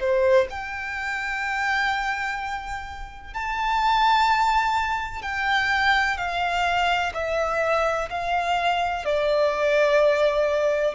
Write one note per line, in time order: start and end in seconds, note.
0.00 0.48 C5
0.50 3.34 G5
3.34 5.22 A5
5.22 6.17 G5
6.18 7.13 F5
7.14 8.10 E5
8.10 9.05 F5
9.05 10.95 D5